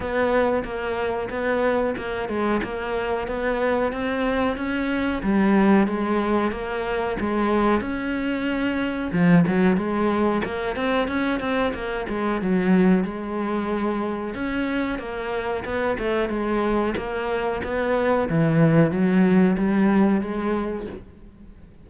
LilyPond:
\new Staff \with { instrumentName = "cello" } { \time 4/4 \tempo 4 = 92 b4 ais4 b4 ais8 gis8 | ais4 b4 c'4 cis'4 | g4 gis4 ais4 gis4 | cis'2 f8 fis8 gis4 |
ais8 c'8 cis'8 c'8 ais8 gis8 fis4 | gis2 cis'4 ais4 | b8 a8 gis4 ais4 b4 | e4 fis4 g4 gis4 | }